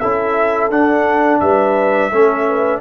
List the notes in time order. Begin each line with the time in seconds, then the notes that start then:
0.00 C#4 E4 A4 E5
0.70 D4 F#5
1.40 G3 B4 E5
2.11 A3 C#4 A4
2.49 B4